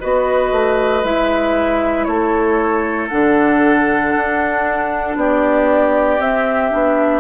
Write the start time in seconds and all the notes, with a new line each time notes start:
0.00 B3 F#4 B4 D#5
0.51 A3
1.03 G#3 E4 E5
2.04 A3 A4 C#5
3.08 D3 D4 F#5
4.15 D4
5.16 B3 G4 D5
6.18 C4 E5
6.71 B3 D4